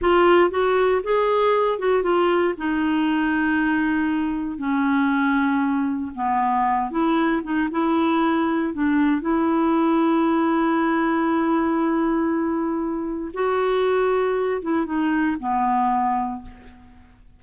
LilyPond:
\new Staff \with { instrumentName = "clarinet" } { \time 4/4 \tempo 4 = 117 f'4 fis'4 gis'4. fis'8 | f'4 dis'2.~ | dis'4 cis'2. | b4. e'4 dis'8 e'4~ |
e'4 d'4 e'2~ | e'1~ | e'2 fis'2~ | fis'8 e'8 dis'4 b2 | }